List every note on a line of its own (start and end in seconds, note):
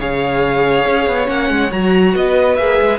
0.00 0.86 C#3
0.00 1.26 G#4
0.00 2.14 C#5
0.00 1.29 F5
0.86 1.07 C#4
1.07 1.29 B3
1.26 1.50 A#3
1.26 1.69 C#4
1.26 1.72 F#5
1.50 1.72 G#3
1.71 2.16 F#3
1.71 2.58 F#4
1.71 2.15 A#5
2.14 2.58 B3
2.14 3.00 B4
2.14 2.56 D#5
2.56 2.80 A#3
2.56 3.00 G#4
2.56 2.99 E5
2.82 3.00 G#3